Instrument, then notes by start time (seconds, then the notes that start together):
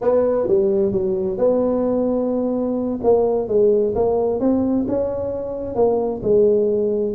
tuba
0.01 B3
0.47 G3
0.92 F#3
1.38 B3
3.03 A#3
3.48 G#3
3.95 A#3
4.40 C4
4.88 C#4
5.75 A#3
6.22 G#3